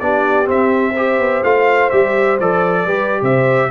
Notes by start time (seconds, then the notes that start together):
0.00 B3 D4 G4 D5
0.46 C4 E5
0.93 G4 C5
1.19 B3
1.44 A3 F4 F5
1.90 G3 G4 E5
2.40 F3 A4 D5
2.86 G3 G4 B4
3.22 C3 C5 E5